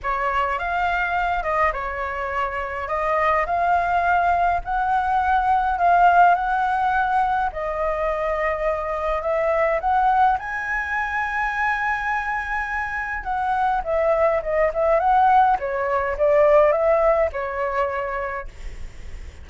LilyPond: \new Staff \with { instrumentName = "flute" } { \time 4/4 \tempo 4 = 104 cis''4 f''4. dis''8 cis''4~ | cis''4 dis''4 f''2 | fis''2 f''4 fis''4~ | fis''4 dis''2. |
e''4 fis''4 gis''2~ | gis''2. fis''4 | e''4 dis''8 e''8 fis''4 cis''4 | d''4 e''4 cis''2 | }